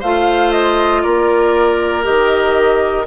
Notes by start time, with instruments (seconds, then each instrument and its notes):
0.00 bassoon A3, clarinet F4, oboe C5, flute F5
0.51 flute D#5
1.02 bassoon A#3, oboe A#4, flute D5
2.03 bassoon D#3, clarinet G4, flute D#5